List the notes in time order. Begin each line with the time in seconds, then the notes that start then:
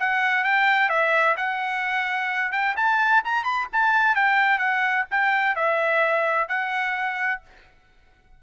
0.00 F#5
0.44 G5
0.90 E5
1.37 F#5
2.52 G5
2.77 A5
3.25 A#5
3.44 B5
3.73 A5
4.16 G5
4.59 F#5
5.11 G5
5.56 E5
6.49 F#5